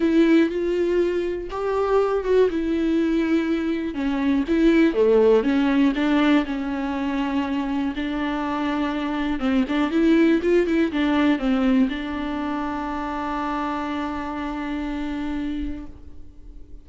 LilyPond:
\new Staff \with { instrumentName = "viola" } { \time 4/4 \tempo 4 = 121 e'4 f'2 g'4~ | g'8 fis'8 e'2. | cis'4 e'4 a4 cis'4 | d'4 cis'2. |
d'2. c'8 d'8 | e'4 f'8 e'8 d'4 c'4 | d'1~ | d'1 | }